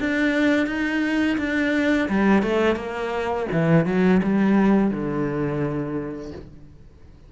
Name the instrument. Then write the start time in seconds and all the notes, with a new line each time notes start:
cello
0.00 D4
0.67 D#4
1.38 D4
2.09 G3
2.43 A3
2.76 A#3
3.52 E3
3.86 F#3
4.23 G3
4.91 D3